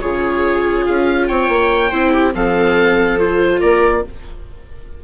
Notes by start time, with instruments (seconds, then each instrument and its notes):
0.00 bassoon C#3, viola F4 G#4, oboe C#5
0.86 bassoon C#4, oboe F5
1.26 bassoon C4, viola C#5, oboe G5
1.48 bassoon A#3
1.90 bassoon C4, viola E4 C5
2.13 viola G4
2.33 bassoon F3, viola C4 A4, oboe F5
3.18 viola F4, oboe C5
3.60 bassoon A#3, viola A#4, oboe D5